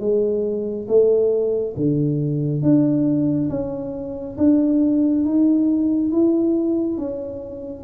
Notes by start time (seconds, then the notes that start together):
0.00 G#3
0.88 A3
1.77 D3
2.62 D4
3.50 C#4
4.38 D4
5.25 D#4
6.12 E4
6.98 C#4